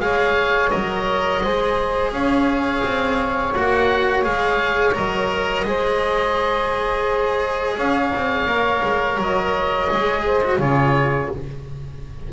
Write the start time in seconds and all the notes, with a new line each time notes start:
0.00 G#3 G#4 C#5 F5
0.70 F#3 A#4 D#5
1.42 G#3 G#4 C5
2.12 C#4 C#5 F5
2.84 C4
3.54 A#3 F#4 F#5
4.22 G#3 G#4 F5
4.94 F#3 A#4 D#5
5.65 G#3 G#4 C5
7.76 C#4 C#5 F5
8.16 C4
8.46 A#3 A#4
8.83 G#3
9.17 F#3 D#5
9.90 G#3 G#4
10.25 C5
10.44 F#4
10.59 C#3 F4 G#4 C#5